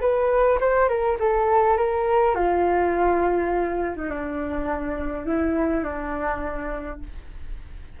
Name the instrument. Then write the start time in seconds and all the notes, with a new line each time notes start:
flute
0.00 B4
0.60 C5
0.88 A#4
1.19 A4
1.77 A#4
2.34 F4
3.96 D#4
4.10 D4
5.25 E4
5.83 D4